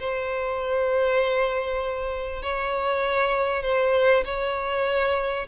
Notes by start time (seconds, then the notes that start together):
0.00 C5
2.42 C#5
3.63 C5
4.25 C#5